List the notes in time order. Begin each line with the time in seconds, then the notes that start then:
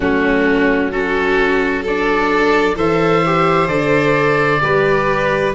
0.00 F#3 A3 C#4 F#4
0.91 C#4 F#4 A4
1.82 A4 D5
1.89 D4
2.75 E3 A4 C5 E5
3.25 G4
3.67 D3 A4 D5
4.60 G3 G4 B4